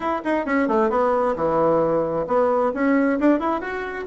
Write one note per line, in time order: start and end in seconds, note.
0.00 0.22 E4
0.24 0.45 D#4
0.45 0.68 C#4
0.68 0.90 A3
0.90 1.35 B3
1.35 2.26 E3
2.27 2.72 B3
2.74 3.19 C#4
3.19 3.39 D4
3.39 3.60 E4
3.60 4.05 F#4